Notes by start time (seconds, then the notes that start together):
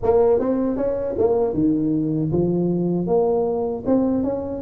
0.02 A#3
0.39 C4
0.76 C#4
1.18 A#3
1.53 D#3
2.32 F3
3.06 A#3
3.86 C4
4.23 C#4